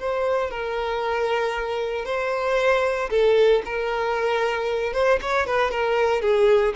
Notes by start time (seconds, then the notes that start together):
0.00 C5
0.51 A#4
2.05 C5
3.10 A4
3.65 A#4
4.94 C5
5.22 C#5
5.47 B4
5.71 A#4
6.22 G#4